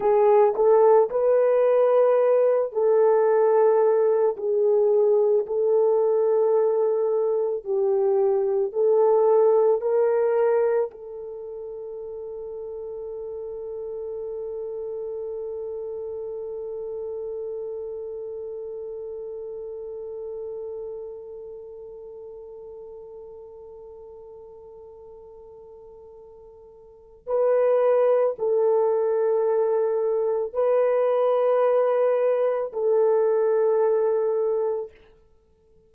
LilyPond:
\new Staff \with { instrumentName = "horn" } { \time 4/4 \tempo 4 = 55 gis'8 a'8 b'4. a'4. | gis'4 a'2 g'4 | a'4 ais'4 a'2~ | a'1~ |
a'1~ | a'1~ | a'4 b'4 a'2 | b'2 a'2 | }